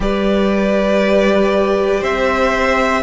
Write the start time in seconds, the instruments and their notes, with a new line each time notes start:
0.00 cello G3, viola G4, violin B4 D5
2.00 cello C4, violin C5 E5